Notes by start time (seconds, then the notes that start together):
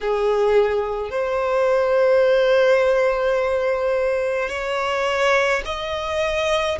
0.00 G#4
1.10 C5
4.49 C#5
5.64 D#5